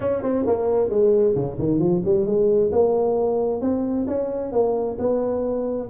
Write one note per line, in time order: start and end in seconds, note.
0.00 0.23 C#4
0.23 0.45 C4
0.46 0.89 A#3
0.89 1.34 G#3
1.35 1.57 C#3
1.59 1.79 D#3
1.79 2.01 F3
2.04 2.26 G3
2.26 2.71 G#3
2.71 3.61 A#3
3.61 4.06 C4
4.07 4.52 C#4
4.52 4.97 A#3
4.98 5.89 B3